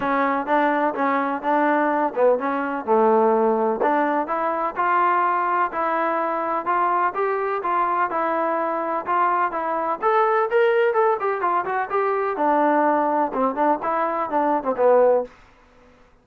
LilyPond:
\new Staff \with { instrumentName = "trombone" } { \time 4/4 \tempo 4 = 126 cis'4 d'4 cis'4 d'4~ | d'8 b8 cis'4 a2 | d'4 e'4 f'2 | e'2 f'4 g'4 |
f'4 e'2 f'4 | e'4 a'4 ais'4 a'8 g'8 | f'8 fis'8 g'4 d'2 | c'8 d'8 e'4 d'8. c'16 b4 | }